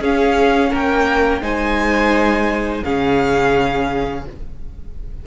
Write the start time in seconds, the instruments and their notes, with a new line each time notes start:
0.00 cello C#4, viola C#4, violin G#4 F5
0.71 cello A#3, violin A#4 G5
1.41 cello G#3, viola D#4, violin C5 G#5
2.84 cello C#3, viola C#4, violin G#4 F5